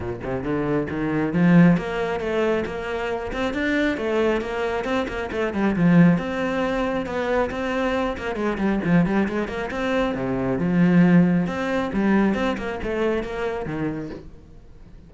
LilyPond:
\new Staff \with { instrumentName = "cello" } { \time 4/4 \tempo 4 = 136 ais,8 c8 d4 dis4 f4 | ais4 a4 ais4. c'8 | d'4 a4 ais4 c'8 ais8 | a8 g8 f4 c'2 |
b4 c'4. ais8 gis8 g8 | f8 g8 gis8 ais8 c'4 c4 | f2 c'4 g4 | c'8 ais8 a4 ais4 dis4 | }